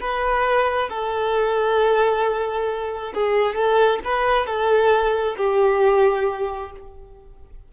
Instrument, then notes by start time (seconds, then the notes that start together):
violin
0.00 B4
0.89 A4
3.14 G#4
3.55 A4
4.04 B4
4.46 A4
5.37 G4